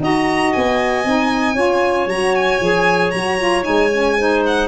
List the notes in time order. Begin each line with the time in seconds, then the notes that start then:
0.00 D#4 F#4 D#5 A#5
0.53 B3 G#5
1.05 C4 D#4
1.55 C#4 F4 C#5
2.06 F#3 F#4 A#5
2.35 G#5
2.60 F3 G#4
3.11 F#3 F#4 A#5
3.38 F4
3.63 G#3 D#4 G#5
3.92 C#4
4.17 D#4 C5
4.46 F#5